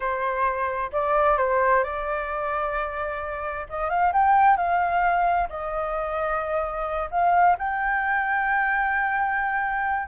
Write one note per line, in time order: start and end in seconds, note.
0.00 0.90 C5
0.92 1.37 D5
1.37 1.83 C5
1.83 3.66 D5
3.69 3.89 D#5
3.89 4.12 F5
4.12 4.56 G5
4.56 5.48 F5
5.49 7.09 D#5
7.10 7.56 F5
7.58 10.08 G5